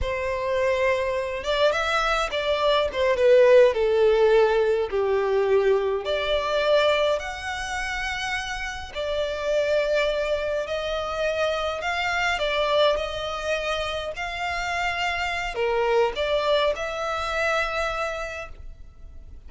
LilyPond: \new Staff \with { instrumentName = "violin" } { \time 4/4 \tempo 4 = 104 c''2~ c''8 d''8 e''4 | d''4 c''8 b'4 a'4.~ | a'8 g'2 d''4.~ | d''8 fis''2. d''8~ |
d''2~ d''8 dis''4.~ | dis''8 f''4 d''4 dis''4.~ | dis''8 f''2~ f''8 ais'4 | d''4 e''2. | }